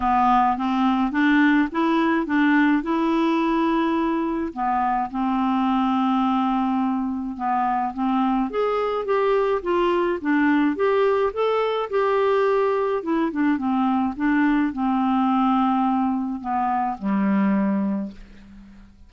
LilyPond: \new Staff \with { instrumentName = "clarinet" } { \time 4/4 \tempo 4 = 106 b4 c'4 d'4 e'4 | d'4 e'2. | b4 c'2.~ | c'4 b4 c'4 gis'4 |
g'4 f'4 d'4 g'4 | a'4 g'2 e'8 d'8 | c'4 d'4 c'2~ | c'4 b4 g2 | }